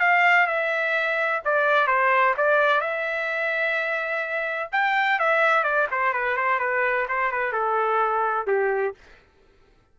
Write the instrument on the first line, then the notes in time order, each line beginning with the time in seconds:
trumpet
0.00 F5
0.47 E5
1.45 D5
1.87 C5
2.38 D5
2.81 E5
4.72 G5
5.19 E5
5.63 D5
5.91 C5
6.13 B4
6.37 C5
6.59 B4
7.09 C5
7.32 B4
7.52 A4
8.47 G4